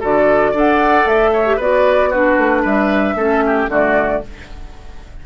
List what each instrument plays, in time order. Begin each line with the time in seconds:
0.00 bassoon D3, clarinet F#4, oboe A4, flute D5
0.51 bassoon D4, clarinet A4, oboe D5
0.57 flute F#5
1.05 bassoon A3, flute E5
1.33 oboe C#5
1.46 clarinet G4
1.56 bassoon B3, clarinet F#4, oboe B4, flute D5
2.10 clarinet D4, oboe F#4, flute B4
2.38 bassoon A3
2.62 bassoon G3, oboe B4, flute E5
3.15 bassoon A3, clarinet C#4, oboe A4
3.46 oboe G4
3.68 bassoon D3, clarinet A3, oboe F#4, flute D5